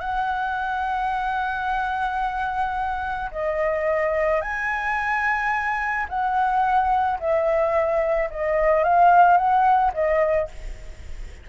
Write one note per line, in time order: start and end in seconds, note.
0.00 3.30 F#5
3.31 4.41 D#5
4.41 6.07 G#5
6.09 7.19 F#5
7.20 8.30 E5
8.30 8.83 D#5
8.83 9.37 F5
9.37 9.92 F#5
9.94 10.49 D#5